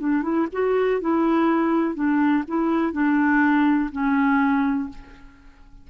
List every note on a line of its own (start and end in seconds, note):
0.00 0.23 D4
0.23 0.47 E4
0.53 1.01 F#4
1.01 1.95 E4
1.95 2.44 D4
2.48 2.92 E4
2.92 3.90 D4
3.92 4.89 C#4